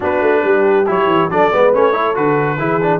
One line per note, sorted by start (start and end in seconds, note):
0.00 0.21 B3
0.00 0.85 D4
0.00 0.42 F#4
0.00 0.89 B4
0.21 0.43 A3
0.44 0.87 G3
0.44 1.31 G4
0.86 1.07 F#3
0.86 1.29 E4
0.86 1.30 C#5
1.07 1.28 E3
1.29 1.51 F#3
1.29 1.52 D4
1.29 1.53 A4
1.29 1.73 D5
1.52 1.74 G#3
1.52 1.73 B3
1.52 1.92 B4
1.73 2.17 A3
1.73 1.93 C#4
1.73 2.15 C#5
1.92 2.14 E4
1.92 2.57 A4
2.14 2.58 D3
2.14 2.57 F#4
2.14 3.00 B4
2.58 3.00 E3
2.58 2.80 E4
2.58 3.00 G#4
2.82 3.00 D4